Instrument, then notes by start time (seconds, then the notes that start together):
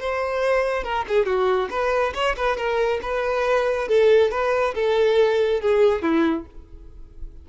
violin
0.00 C5
0.84 A#4
1.09 G#4
1.26 F#4
1.71 B4
2.15 C#5
2.37 B4
2.57 A#4
3.03 B4
3.89 A4
4.31 B4
4.75 A4
5.62 G#4
6.03 E4